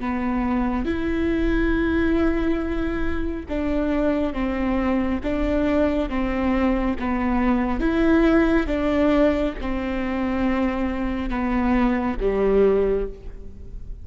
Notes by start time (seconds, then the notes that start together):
0.00 B3
0.86 E4
3.49 D4
4.34 C4
5.24 D4
6.10 C4
7.00 B3
7.81 E4
8.67 D4
9.61 C4
11.30 B3
12.21 G3